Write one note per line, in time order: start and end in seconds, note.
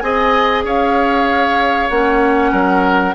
0.00 0.64 C4
0.00 1.91 G#4
0.00 0.65 D#5
0.00 0.62 G#5
0.64 1.89 C#4
0.64 2.52 C#5
0.64 1.90 F5
1.90 2.53 A#3
1.90 3.16 C#4
1.90 3.15 F#5
2.52 3.15 F#3
2.52 3.15 A#4